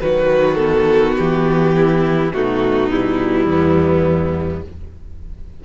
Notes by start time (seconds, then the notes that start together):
0.00 D#3 F#3 F#4 B4
0.55 B3 A4
1.17 E3 G4
1.76 E4
2.32 B2 A3 D#4 F#4
2.90 G3 E4
3.46 E2 B3